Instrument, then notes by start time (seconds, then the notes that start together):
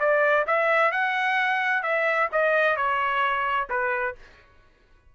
trumpet
0.00 D5
0.47 E5
0.92 F#5
1.83 E5
2.32 D#5
2.76 C#5
3.70 B4